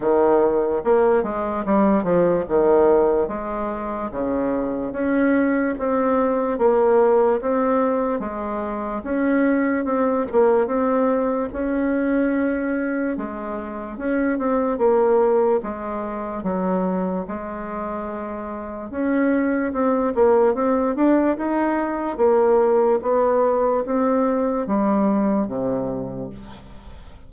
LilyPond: \new Staff \with { instrumentName = "bassoon" } { \time 4/4 \tempo 4 = 73 dis4 ais8 gis8 g8 f8 dis4 | gis4 cis4 cis'4 c'4 | ais4 c'4 gis4 cis'4 | c'8 ais8 c'4 cis'2 |
gis4 cis'8 c'8 ais4 gis4 | fis4 gis2 cis'4 | c'8 ais8 c'8 d'8 dis'4 ais4 | b4 c'4 g4 c4 | }